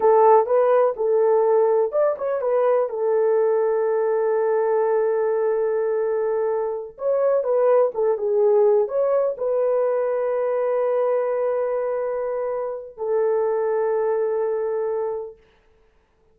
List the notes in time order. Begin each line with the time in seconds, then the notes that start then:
0.00 A4
0.46 B4
0.96 A4
1.92 D5
2.18 C#5
2.41 B4
2.89 A4
6.98 C#5
7.43 B4
7.94 A4
8.17 G#4
8.88 C#5
9.37 B4
12.97 A4